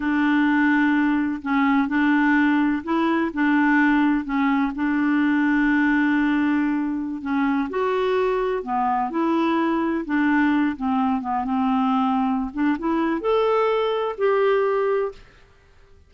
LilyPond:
\new Staff \with { instrumentName = "clarinet" } { \time 4/4 \tempo 4 = 127 d'2. cis'4 | d'2 e'4 d'4~ | d'4 cis'4 d'2~ | d'2.~ d'16 cis'8.~ |
cis'16 fis'2 b4 e'8.~ | e'4~ e'16 d'4. c'4 b16~ | b16 c'2~ c'16 d'8 e'4 | a'2 g'2 | }